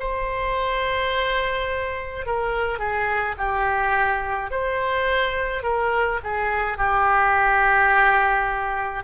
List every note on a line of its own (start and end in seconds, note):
0.00 2.26 C5
2.26 2.79 A#4
2.79 3.36 G#4
3.38 4.51 G4
4.51 5.63 C5
5.63 6.20 A#4
6.24 6.78 G#4
6.78 9.04 G4